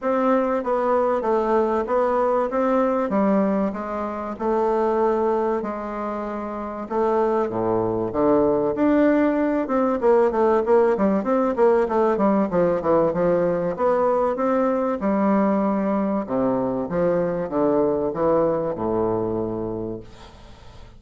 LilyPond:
\new Staff \with { instrumentName = "bassoon" } { \time 4/4 \tempo 4 = 96 c'4 b4 a4 b4 | c'4 g4 gis4 a4~ | a4 gis2 a4 | a,4 d4 d'4. c'8 |
ais8 a8 ais8 g8 c'8 ais8 a8 g8 | f8 e8 f4 b4 c'4 | g2 c4 f4 | d4 e4 a,2 | }